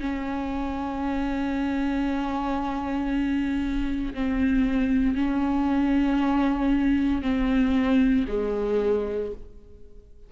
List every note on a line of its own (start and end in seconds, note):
0.00 4.14 C#4
4.14 5.15 C4
5.15 7.22 C#4
7.22 8.26 C4
8.29 9.32 G#3